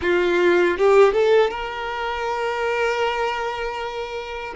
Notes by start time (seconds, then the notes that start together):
0.01 F4
0.77 G4
1.13 A4
1.50 A#4